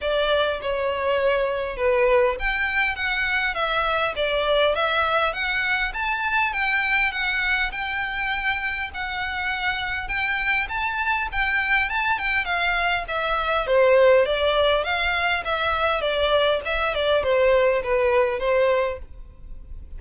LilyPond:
\new Staff \with { instrumentName = "violin" } { \time 4/4 \tempo 4 = 101 d''4 cis''2 b'4 | g''4 fis''4 e''4 d''4 | e''4 fis''4 a''4 g''4 | fis''4 g''2 fis''4~ |
fis''4 g''4 a''4 g''4 | a''8 g''8 f''4 e''4 c''4 | d''4 f''4 e''4 d''4 | e''8 d''8 c''4 b'4 c''4 | }